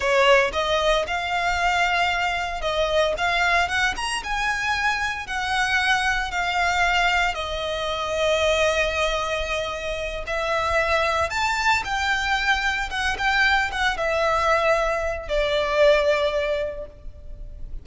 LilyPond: \new Staff \with { instrumentName = "violin" } { \time 4/4 \tempo 4 = 114 cis''4 dis''4 f''2~ | f''4 dis''4 f''4 fis''8 ais''8 | gis''2 fis''2 | f''2 dis''2~ |
dis''2.~ dis''8 e''8~ | e''4. a''4 g''4.~ | g''8 fis''8 g''4 fis''8 e''4.~ | e''4 d''2. | }